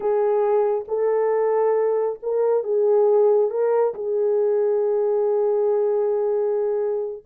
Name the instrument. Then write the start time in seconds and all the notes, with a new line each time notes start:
horn
0.00 G#4
0.88 A4
2.22 A#4
2.63 G#4
3.50 A#4
3.94 G#4